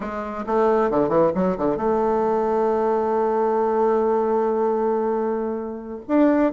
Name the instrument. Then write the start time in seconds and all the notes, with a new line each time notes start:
bassoon
0.00 G#3
0.46 A3
0.90 D3
1.08 E3
1.34 F#3
1.57 D3
1.76 A3
6.08 D4